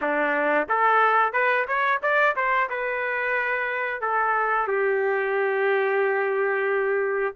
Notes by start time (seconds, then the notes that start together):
0.01 D4
0.68 A4
1.32 B4
1.67 C#5
2.02 D5
2.35 C5
2.69 B4
4.01 A4
4.67 G4